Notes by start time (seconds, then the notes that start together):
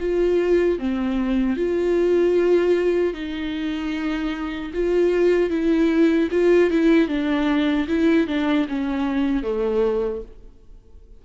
0.00 F4
0.79 C4
1.56 F4
3.14 D#4
4.74 F4
5.50 E4
6.31 F4
6.71 E4
7.08 D4
7.88 E4
8.28 D4
8.69 C#4
9.43 A3